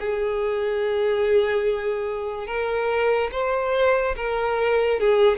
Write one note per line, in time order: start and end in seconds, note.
0.00 2.47 G#4
2.47 3.30 A#4
3.32 4.16 C5
4.16 5.00 A#4
5.00 5.37 G#4